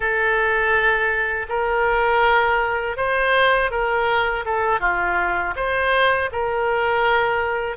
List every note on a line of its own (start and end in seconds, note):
0.00 1.46 A4
1.48 2.96 A#4
2.96 3.70 C5
3.70 4.44 A#4
4.45 4.80 A4
4.80 5.54 F4
5.56 6.30 C5
6.32 7.76 A#4